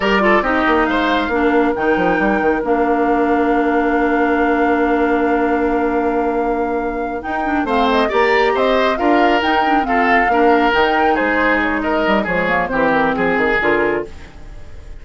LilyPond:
<<
  \new Staff \with { instrumentName = "flute" } { \time 4/4 \tempo 4 = 137 d''4 dis''4 f''2 | g''2 f''2~ | f''1~ | f''1~ |
f''8 g''4 f''8 dis''8 ais''4 dis''8~ | dis''8 f''4 g''4 f''4.~ | f''8 g''4 c''4 cis''8 dis''4 | cis''4 c''8 ais'8 gis'4 ais'4 | }
  \new Staff \with { instrumentName = "oboe" } { \time 4/4 ais'8 a'8 g'4 c''4 ais'4~ | ais'1~ | ais'1~ | ais'1~ |
ais'4. c''4 d''4 c''8~ | c''8 ais'2 a'4 ais'8~ | ais'4. gis'4. ais'4 | gis'4 g'4 gis'2 | }
  \new Staff \with { instrumentName = "clarinet" } { \time 4/4 g'8 f'8 dis'2 d'4 | dis'2 d'2~ | d'1~ | d'1~ |
d'8 dis'8 d'8 c'4 g'4.~ | g'8 f'4 dis'8 d'8 c'4 d'8~ | d'8 dis'2.~ dis'8 | gis8 ais8 c'2 f'4 | }
  \new Staff \with { instrumentName = "bassoon" } { \time 4/4 g4 c'8 ais8 gis4 ais4 | dis8 f8 g8 dis8 ais2~ | ais1~ | ais1~ |
ais8 dis'4 a4 ais4 c'8~ | c'8 d'4 dis'4 f'4 ais8~ | ais8 dis4 gis2 g8 | f4 e4 f8 dis8 d4 | }
>>